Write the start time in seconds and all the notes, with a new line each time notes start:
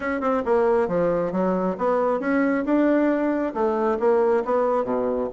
0.00 C#4
0.20 C4
0.45 A#3
0.88 F3
1.32 F#3
1.78 B3
2.20 C#4
2.65 D4
3.54 A3
3.99 A#3
4.44 B3
4.84 B2